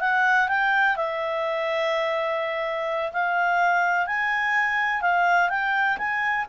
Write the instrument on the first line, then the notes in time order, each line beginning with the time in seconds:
clarinet
0.00 F#5
0.48 G5
0.96 E5
3.12 F5
4.06 G#5
5.01 F5
5.49 G5
5.97 G#5